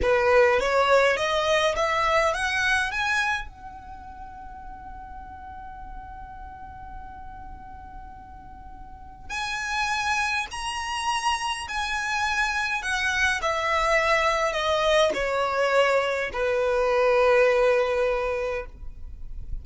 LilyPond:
\new Staff \with { instrumentName = "violin" } { \time 4/4 \tempo 4 = 103 b'4 cis''4 dis''4 e''4 | fis''4 gis''4 fis''2~ | fis''1~ | fis''1 |
gis''2 ais''2 | gis''2 fis''4 e''4~ | e''4 dis''4 cis''2 | b'1 | }